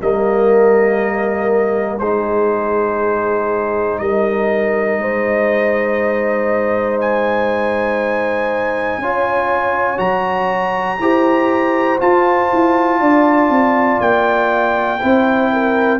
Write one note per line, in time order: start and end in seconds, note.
0.00 1.99 G3
0.00 2.00 A#3
0.00 1.99 A#4
0.00 1.99 D#5
1.99 3.99 G#3
1.99 9.02 D#4
1.99 3.99 G#4
1.99 3.98 C5
3.98 4.98 G3
3.98 5.01 A#4
3.98 6.98 D#5
4.98 8.97 G#3
4.98 9.01 C5
7.00 9.98 G#5
8.97 9.97 C#4
8.97 9.97 F4
8.97 11.01 C#5
9.97 10.99 F#3
9.97 10.97 F#4
9.97 11.98 A#5
10.99 11.99 E4
10.99 11.98 G4
10.99 13.00 C5
11.98 14.98 F4
11.98 12.51 F4
11.98 14.00 A5
12.52 13.00 E4
13.00 13.49 D4
13.00 15.00 D5
13.49 13.99 C4
14.00 15.00 A#3
14.00 15.99 G5
15.00 15.99 C4
15.00 15.99 E4
15.00 15.51 C5
15.52 15.99 A#4